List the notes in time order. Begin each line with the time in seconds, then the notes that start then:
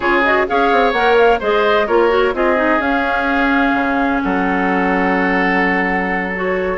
0.00 C#3 F4 G#4 C#5
0.24 F#4 D#5
0.47 C#4 G#4 C#5 F5
0.71 C4
0.92 A#3 A#4 F#5
1.17 F5
1.39 G#3 G#4 C5 D#5
1.86 A#3 F4 A#4 C#5
2.08 F#4
2.33 C4 F4 G#4 D#5
2.56 D#4
2.79 C#4 F5
3.74 C#3
4.22 F#3 A4 F#5
6.34 F#4 C#5